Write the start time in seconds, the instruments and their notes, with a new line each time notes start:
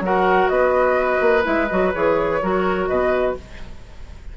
0.00 bassoon F#3, clarinet F#4, oboe A#4, flute F#5
0.48 bassoon B3, oboe B4, flute D#5
1.20 bassoon A#3
1.43 bassoon G#3, clarinet E4, flute E5
1.68 bassoon F#3, clarinet F#4, flute D#5
1.94 bassoon E3, clarinet G#4, flute C#5
2.42 bassoon F#3, clarinet F#4, oboe A#4
2.87 bassoon B2, oboe B4, flute D#5